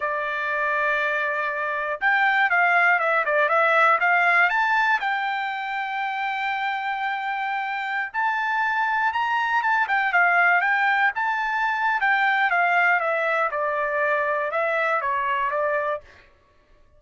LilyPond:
\new Staff \with { instrumentName = "trumpet" } { \time 4/4 \tempo 4 = 120 d''1 | g''4 f''4 e''8 d''8 e''4 | f''4 a''4 g''2~ | g''1~ |
g''16 a''2 ais''4 a''8 g''16~ | g''16 f''4 g''4 a''4.~ a''16 | g''4 f''4 e''4 d''4~ | d''4 e''4 cis''4 d''4 | }